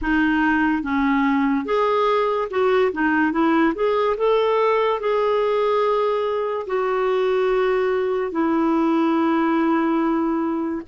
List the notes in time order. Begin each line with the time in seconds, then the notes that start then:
0.02 D#4
0.82 C#4
1.65 G#4
2.50 F#4
2.92 D#4
3.31 E4
3.75 G#4
4.17 A4
5.00 G#4
6.66 F#4
8.31 E4